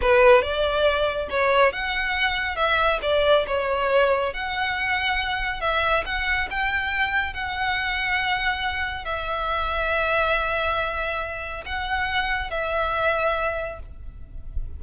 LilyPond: \new Staff \with { instrumentName = "violin" } { \time 4/4 \tempo 4 = 139 b'4 d''2 cis''4 | fis''2 e''4 d''4 | cis''2 fis''2~ | fis''4 e''4 fis''4 g''4~ |
g''4 fis''2.~ | fis''4 e''2.~ | e''2. fis''4~ | fis''4 e''2. | }